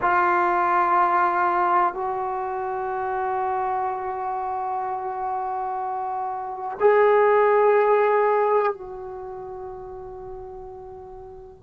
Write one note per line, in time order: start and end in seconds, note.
0.01 1.94 F4
1.94 6.77 F#4
6.80 8.72 G#4
8.72 11.63 F#4